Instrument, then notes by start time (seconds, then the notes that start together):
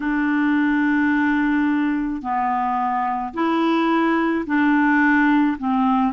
clarinet
0.00 D4
2.22 B3
3.33 E4
4.46 D4
5.58 C4